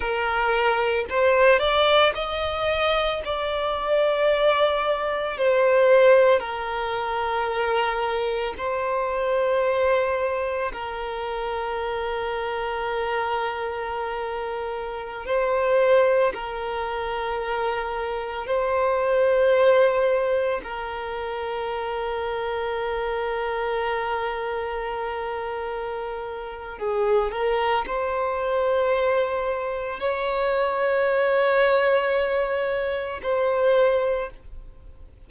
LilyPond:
\new Staff \with { instrumentName = "violin" } { \time 4/4 \tempo 4 = 56 ais'4 c''8 d''8 dis''4 d''4~ | d''4 c''4 ais'2 | c''2 ais'2~ | ais'2~ ais'16 c''4 ais'8.~ |
ais'4~ ais'16 c''2 ais'8.~ | ais'1~ | ais'4 gis'8 ais'8 c''2 | cis''2. c''4 | }